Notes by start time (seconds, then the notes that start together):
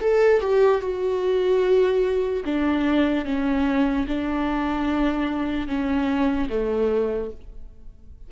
0.00 A4
0.41 G4
0.81 F#4
2.45 D4
3.25 C#4
4.07 D4
5.67 C#4
6.49 A3